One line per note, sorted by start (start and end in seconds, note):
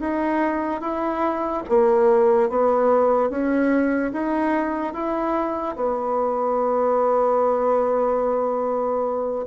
0.00 0.81 D#4
0.81 1.63 E4
1.69 2.49 A#3
2.49 3.30 B3
3.30 4.12 C#4
4.12 4.94 D#4
4.94 5.76 E4
5.76 9.46 B3